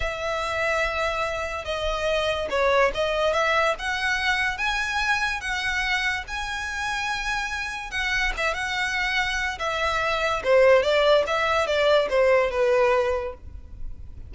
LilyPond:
\new Staff \with { instrumentName = "violin" } { \time 4/4 \tempo 4 = 144 e''1 | dis''2 cis''4 dis''4 | e''4 fis''2 gis''4~ | gis''4 fis''2 gis''4~ |
gis''2. fis''4 | e''8 fis''2~ fis''8 e''4~ | e''4 c''4 d''4 e''4 | d''4 c''4 b'2 | }